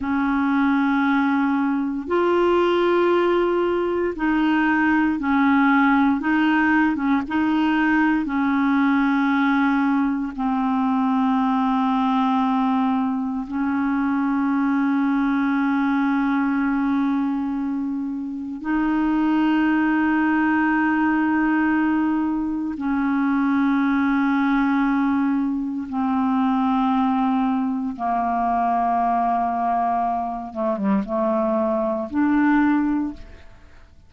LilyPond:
\new Staff \with { instrumentName = "clarinet" } { \time 4/4 \tempo 4 = 58 cis'2 f'2 | dis'4 cis'4 dis'8. cis'16 dis'4 | cis'2 c'2~ | c'4 cis'2.~ |
cis'2 dis'2~ | dis'2 cis'2~ | cis'4 c'2 ais4~ | ais4. a16 g16 a4 d'4 | }